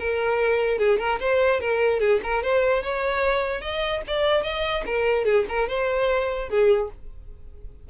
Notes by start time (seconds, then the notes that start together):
0.00 A#4
0.79 G#4
0.99 A#4
1.21 C5
1.61 A#4
2.00 G#4
2.24 A#4
2.43 C5
2.83 C#5
3.62 D#5
4.08 D5
4.44 D#5
4.86 A#4
5.25 G#4
5.49 A#4
5.69 C5
6.50 G#4